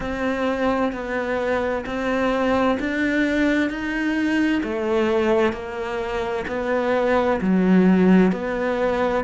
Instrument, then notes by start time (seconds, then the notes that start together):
cello
0.00 C4
0.92 B3
1.85 C4
2.79 D4
3.69 D#4
4.63 A3
5.53 A#3
6.47 B3
7.41 F#3
8.32 B3